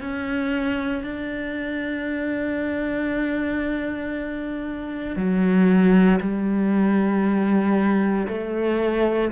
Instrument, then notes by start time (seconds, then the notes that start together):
cello
0.00 C#4
1.03 D4
5.16 F#3
6.20 G3
8.28 A3